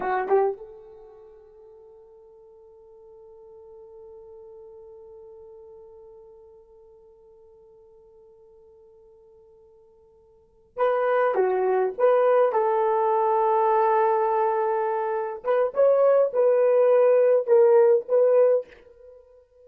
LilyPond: \new Staff \with { instrumentName = "horn" } { \time 4/4 \tempo 4 = 103 fis'8 g'8 a'2.~ | a'1~ | a'1~ | a'1~ |
a'2~ a'8 b'4 fis'8~ | fis'8 b'4 a'2~ a'8~ | a'2~ a'8 b'8 cis''4 | b'2 ais'4 b'4 | }